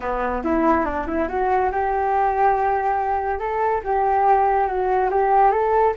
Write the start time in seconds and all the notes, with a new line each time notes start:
0.00 B3
0.44 E4
0.85 D4
1.06 E4
1.28 F#4
1.71 G4
3.39 A4
3.83 G4
4.67 F#4
5.10 G4
5.51 A4